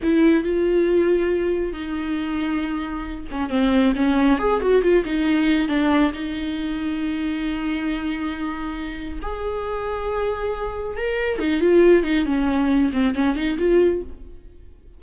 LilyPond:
\new Staff \with { instrumentName = "viola" } { \time 4/4 \tempo 4 = 137 e'4 f'2. | dis'2.~ dis'8 cis'8 | c'4 cis'4 gis'8 fis'8 f'8 dis'8~ | dis'4 d'4 dis'2~ |
dis'1~ | dis'4 gis'2.~ | gis'4 ais'4 dis'8 f'4 dis'8 | cis'4. c'8 cis'8 dis'8 f'4 | }